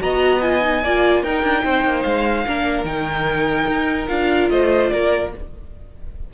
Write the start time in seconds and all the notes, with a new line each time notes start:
0.00 B3 F#4 D#5 A#5
0.42 F4 G#5
0.62 D#4
0.84 A#3 F4 D5
1.23 D#4 A#4 G5
1.43 D4
1.64 C4 C5
1.84 A#3
2.02 G#3 F5
2.47 A#3 D4 A#4
2.84 D#3 D#4 G5
3.67 D#4
4.08 D4 F4 F5
4.50 A3 C5 D#5
4.90 A#3 A#4 D5